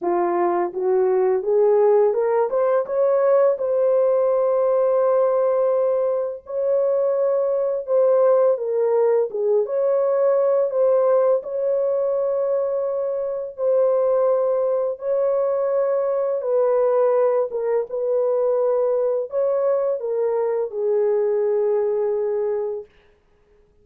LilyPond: \new Staff \with { instrumentName = "horn" } { \time 4/4 \tempo 4 = 84 f'4 fis'4 gis'4 ais'8 c''8 | cis''4 c''2.~ | c''4 cis''2 c''4 | ais'4 gis'8 cis''4. c''4 |
cis''2. c''4~ | c''4 cis''2 b'4~ | b'8 ais'8 b'2 cis''4 | ais'4 gis'2. | }